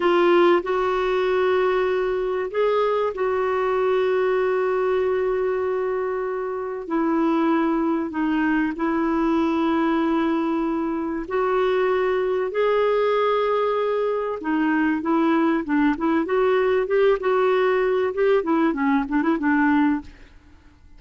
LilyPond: \new Staff \with { instrumentName = "clarinet" } { \time 4/4 \tempo 4 = 96 f'4 fis'2. | gis'4 fis'2.~ | fis'2. e'4~ | e'4 dis'4 e'2~ |
e'2 fis'2 | gis'2. dis'4 | e'4 d'8 e'8 fis'4 g'8 fis'8~ | fis'4 g'8 e'8 cis'8 d'16 e'16 d'4 | }